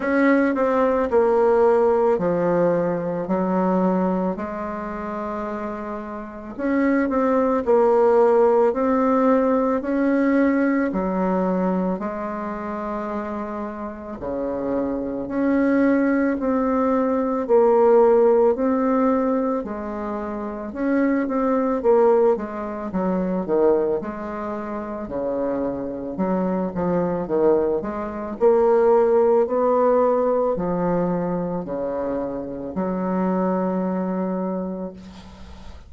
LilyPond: \new Staff \with { instrumentName = "bassoon" } { \time 4/4 \tempo 4 = 55 cis'8 c'8 ais4 f4 fis4 | gis2 cis'8 c'8 ais4 | c'4 cis'4 fis4 gis4~ | gis4 cis4 cis'4 c'4 |
ais4 c'4 gis4 cis'8 c'8 | ais8 gis8 fis8 dis8 gis4 cis4 | fis8 f8 dis8 gis8 ais4 b4 | f4 cis4 fis2 | }